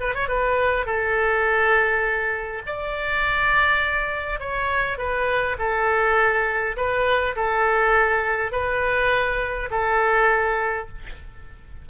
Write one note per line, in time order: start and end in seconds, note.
0.00 0.14 B4
0.14 0.28 C#5
0.28 0.86 B4
0.86 2.62 A4
2.66 4.39 D5
4.39 4.98 C#5
4.98 5.56 B4
5.58 6.76 A4
6.76 7.35 B4
7.36 8.51 A4
8.51 9.69 B4
9.70 10.88 A4